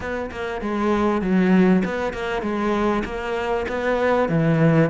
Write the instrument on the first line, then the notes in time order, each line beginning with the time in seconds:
cello
0.00 B3
0.31 A#3
0.61 G#3
1.21 F#3
1.84 B3
2.13 A#3
2.42 G#3
3.04 A#3
3.68 B3
4.29 E3